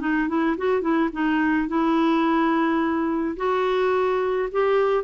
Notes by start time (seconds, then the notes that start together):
0.00 D#4
0.28 E4
0.57 F#4
0.81 E4
1.13 D#4
1.68 E4
3.37 F#4
4.52 G4